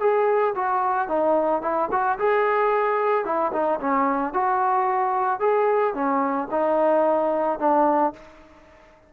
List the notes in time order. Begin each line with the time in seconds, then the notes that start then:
0.00 G#4
0.55 F#4
1.08 D#4
1.62 E4
1.91 F#4
2.18 G#4
3.25 E4
3.53 D#4
3.80 C#4
4.33 F#4
5.40 G#4
5.94 C#4
6.51 D#4
7.59 D4